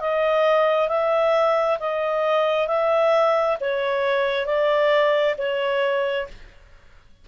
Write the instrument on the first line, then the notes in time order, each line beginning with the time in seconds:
clarinet
0.00 D#5
0.89 E5
1.80 D#5
2.67 E5
3.61 C#5
4.46 D5
5.38 C#5